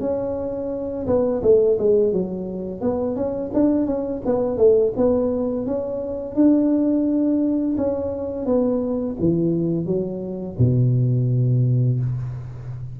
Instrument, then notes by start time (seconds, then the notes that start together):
tuba
0.00 C#4
1.07 B3
1.42 A3
1.78 G#3
2.12 F#3
2.81 B3
3.15 C#4
3.54 D4
3.86 C#4
4.25 B3
4.57 A3
4.96 B3
5.66 C#4
6.35 D4
7.77 C#4
8.45 B3
9.20 E3
9.85 F#3
10.59 B2